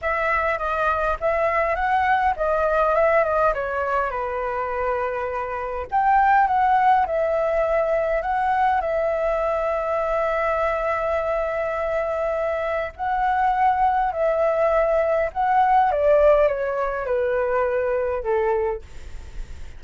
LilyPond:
\new Staff \with { instrumentName = "flute" } { \time 4/4 \tempo 4 = 102 e''4 dis''4 e''4 fis''4 | dis''4 e''8 dis''8 cis''4 b'4~ | b'2 g''4 fis''4 | e''2 fis''4 e''4~ |
e''1~ | e''2 fis''2 | e''2 fis''4 d''4 | cis''4 b'2 a'4 | }